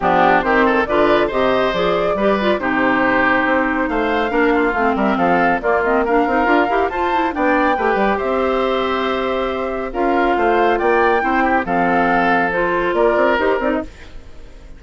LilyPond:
<<
  \new Staff \with { instrumentName = "flute" } { \time 4/4 \tempo 4 = 139 g'4 c''4 d''4 dis''4 | d''2 c''2~ | c''4 f''2~ f''8 e''8 | f''4 d''8 dis''8 f''2 |
a''4 g''2 e''4~ | e''2. f''4~ | f''4 g''2 f''4~ | f''4 c''4 d''4 c''8 d''16 dis''16 | }
  \new Staff \with { instrumentName = "oboe" } { \time 4/4 d'4 g'8 a'8 b'4 c''4~ | c''4 b'4 g'2~ | g'4 c''4 ais'8 f'4 ais'8 | a'4 f'4 ais'2 |
c''4 d''4 b'4 c''4~ | c''2. ais'4 | c''4 d''4 c''8 g'8 a'4~ | a'2 ais'2 | }
  \new Staff \with { instrumentName = "clarinet" } { \time 4/4 b4 c'4 f'4 g'4 | gis'4 g'8 f'8 dis'2~ | dis'2 d'4 c'4~ | c'4 ais8 c'8 d'8 dis'8 f'8 g'8 |
f'8 e'8 d'4 g'2~ | g'2. f'4~ | f'2 e'4 c'4~ | c'4 f'2 g'8 dis'8 | }
  \new Staff \with { instrumentName = "bassoon" } { \time 4/4 f4 dis4 d4 c4 | f4 g4 c2 | c'4 a4 ais4 a8 g8 | f4 ais4. c'8 d'8 e'8 |
f'4 b4 a8 g8 c'4~ | c'2. cis'4 | a4 ais4 c'4 f4~ | f2 ais8 c'8 dis'8 c'8 | }
>>